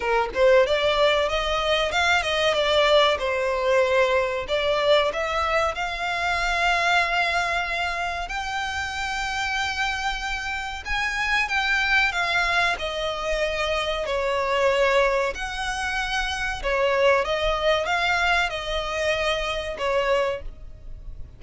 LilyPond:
\new Staff \with { instrumentName = "violin" } { \time 4/4 \tempo 4 = 94 ais'8 c''8 d''4 dis''4 f''8 dis''8 | d''4 c''2 d''4 | e''4 f''2.~ | f''4 g''2.~ |
g''4 gis''4 g''4 f''4 | dis''2 cis''2 | fis''2 cis''4 dis''4 | f''4 dis''2 cis''4 | }